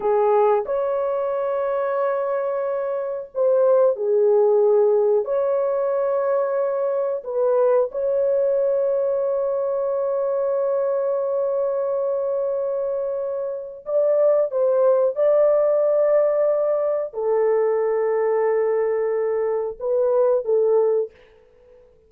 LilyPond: \new Staff \with { instrumentName = "horn" } { \time 4/4 \tempo 4 = 91 gis'4 cis''2.~ | cis''4 c''4 gis'2 | cis''2. b'4 | cis''1~ |
cis''1~ | cis''4 d''4 c''4 d''4~ | d''2 a'2~ | a'2 b'4 a'4 | }